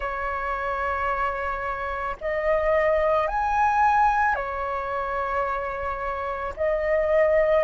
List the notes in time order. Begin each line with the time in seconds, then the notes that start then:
0.00 C#5
2.20 D#5
3.27 G#5
4.35 C#5
6.56 D#5